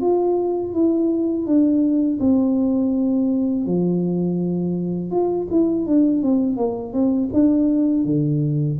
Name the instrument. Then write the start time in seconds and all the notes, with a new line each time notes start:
tuba
0.00 F4
0.73 E4
1.46 D4
2.20 C4
3.66 F3
5.11 F4
5.50 E4
5.86 D4
6.22 C4
6.57 A#3
6.92 C4
7.33 D4
8.04 D3